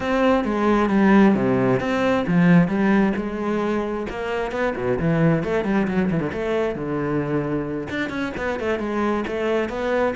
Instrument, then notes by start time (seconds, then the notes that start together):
cello
0.00 C4
0.44 G#3
0.89 G3
1.35 C3
1.80 C4
2.27 F3
2.67 G3
3.16 G#3
4.09 A#3
4.51 B3
4.76 B2
4.99 E3
5.43 A3
5.64 G3
5.87 F#3
6.10 E3
6.20 D3
6.32 A3
6.75 D3
7.89 D4
8.09 C#4
8.37 B3
8.59 A3
8.79 G#3
9.27 A3
9.69 B3